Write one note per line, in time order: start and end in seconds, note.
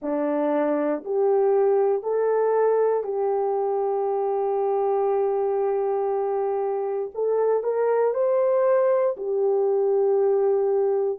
0.02 1.04 D4
1.04 2.02 G4
2.02 3.03 A4
3.03 7.10 G4
7.14 7.63 A4
7.63 8.14 A#4
8.14 9.15 C5
9.17 11.19 G4